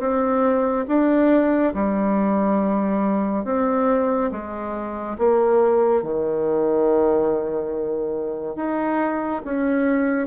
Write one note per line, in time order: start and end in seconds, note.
0.00 0.86 C4
0.88 1.74 D4
1.74 3.45 G3
3.45 4.31 C4
4.32 5.17 G#3
5.19 6.03 A#3
6.03 8.56 D#3
8.56 9.42 D#4
9.45 10.27 C#4